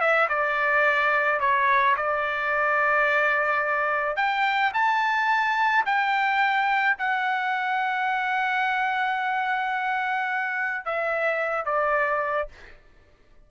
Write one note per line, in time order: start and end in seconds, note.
0.00 0.28 E5
0.29 1.39 D5
1.39 1.95 C#5
1.96 4.16 D5
4.16 4.71 G5
4.73 5.84 A5
5.85 6.96 G5
6.98 10.85 F#5
10.85 11.65 E5
11.65 12.48 D5